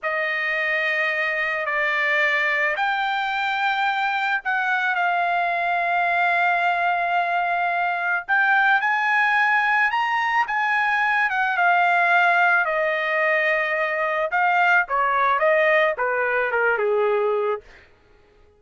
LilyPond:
\new Staff \with { instrumentName = "trumpet" } { \time 4/4 \tempo 4 = 109 dis''2. d''4~ | d''4 g''2. | fis''4 f''2.~ | f''2. g''4 |
gis''2 ais''4 gis''4~ | gis''8 fis''8 f''2 dis''4~ | dis''2 f''4 cis''4 | dis''4 b'4 ais'8 gis'4. | }